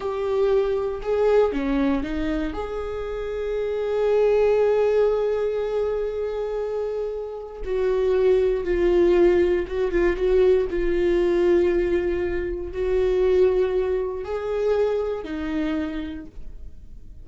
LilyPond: \new Staff \with { instrumentName = "viola" } { \time 4/4 \tempo 4 = 118 g'2 gis'4 cis'4 | dis'4 gis'2.~ | gis'1~ | gis'2. fis'4~ |
fis'4 f'2 fis'8 f'8 | fis'4 f'2.~ | f'4 fis'2. | gis'2 dis'2 | }